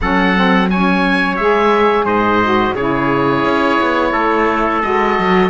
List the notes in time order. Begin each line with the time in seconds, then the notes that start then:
0.00 F#3 C#4 A4 F#5
0.35 C4
0.70 C#4 C#5 G#5
1.36 G#3 G#4 E5
2.05 G#2 C5 D#5
2.43 F#4
2.74 C#3 E4 G#4 C#5
3.44 C#4
3.80 B3
4.12 A3 A4
4.81 G#3 F#4 D#5
5.18 F#3